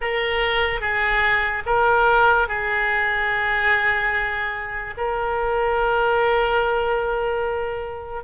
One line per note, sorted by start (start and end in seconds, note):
0.01 0.80 A#4
0.80 1.63 G#4
1.66 2.47 A#4
2.47 4.94 G#4
4.97 8.23 A#4